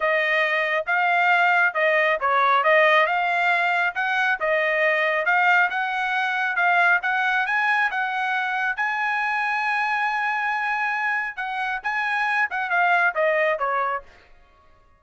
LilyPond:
\new Staff \with { instrumentName = "trumpet" } { \time 4/4 \tempo 4 = 137 dis''2 f''2 | dis''4 cis''4 dis''4 f''4~ | f''4 fis''4 dis''2 | f''4 fis''2 f''4 |
fis''4 gis''4 fis''2 | gis''1~ | gis''2 fis''4 gis''4~ | gis''8 fis''8 f''4 dis''4 cis''4 | }